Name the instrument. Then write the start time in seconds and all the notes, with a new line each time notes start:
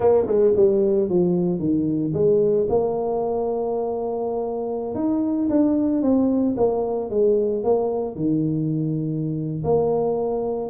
tuba
0.00 A#3
0.26 G#3
0.56 G3
1.09 F3
1.59 D#3
2.13 G#3
2.69 A#3
4.94 D#4
5.49 D4
6.02 C4
6.56 A#3
7.10 G#3
7.63 A#3
8.15 D#3
9.64 A#3